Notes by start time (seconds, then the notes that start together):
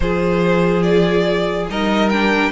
0.00 F3 F4 G#4 C5
0.82 D5
1.69 G3 D#4 A#4 D#5
2.09 D4 G5